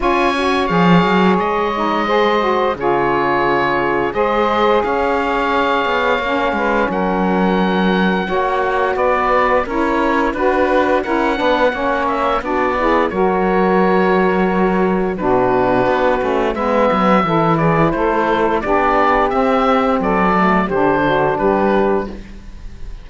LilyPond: <<
  \new Staff \with { instrumentName = "oboe" } { \time 4/4 \tempo 4 = 87 gis''4 f''4 dis''2 | cis''2 dis''4 f''4~ | f''2 fis''2~ | fis''4 d''4 cis''4 b'4 |
fis''4. e''8 d''4 cis''4~ | cis''2 b'2 | e''4. d''8 c''4 d''4 | e''4 d''4 c''4 b'4 | }
  \new Staff \with { instrumentName = "saxophone" } { \time 4/4 cis''2. c''4 | gis'2 c''4 cis''4~ | cis''4. b'8 ais'2 | cis''4 b'4 ais'4 b'4 |
ais'8 b'8 cis''4 fis'8 gis'8 ais'4~ | ais'2 fis'2 | b'4 a'8 gis'8 a'4 g'4~ | g'4 a'4 g'8 fis'8 g'4 | }
  \new Staff \with { instrumentName = "saxophone" } { \time 4/4 f'8 fis'8 gis'4. dis'8 gis'8 fis'8 | f'2 gis'2~ | gis'4 cis'2. | fis'2 e'4 fis'4 |
e'8 d'8 cis'4 d'8 e'8 fis'4~ | fis'2 d'4. cis'8 | b4 e'2 d'4 | c'4. a8 d'2 | }
  \new Staff \with { instrumentName = "cello" } { \time 4/4 cis'4 f8 fis8 gis2 | cis2 gis4 cis'4~ | cis'8 b8 ais8 gis8 fis2 | ais4 b4 cis'4 d'4 |
cis'8 b8 ais4 b4 fis4~ | fis2 b,4 b8 a8 | gis8 fis8 e4 a4 b4 | c'4 fis4 d4 g4 | }
>>